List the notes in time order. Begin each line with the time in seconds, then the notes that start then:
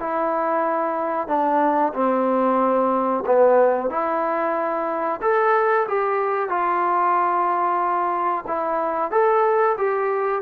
0.00 E4
1.28 D4
1.94 C4
3.26 B3
3.90 E4
5.22 A4
5.88 G4
6.50 F4
8.48 E4
9.12 A4
9.78 G4